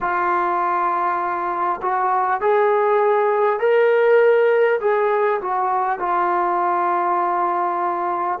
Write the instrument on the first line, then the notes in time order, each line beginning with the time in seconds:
trombone
0.00 F4
1.82 F#4
2.41 G#4
3.59 A#4
4.80 G#4
5.41 F#4
5.99 F4